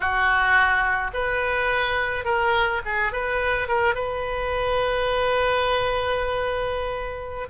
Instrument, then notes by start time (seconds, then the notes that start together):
oboe
0.00 F#4
1.13 B4
2.24 A#4
2.85 G#4
3.12 B4
3.67 A#4
3.95 B4